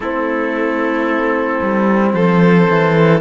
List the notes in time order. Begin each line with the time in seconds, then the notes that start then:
0.00 A3 C4 E4 A4
1.62 G3
2.13 F3 A4 C5
2.69 E3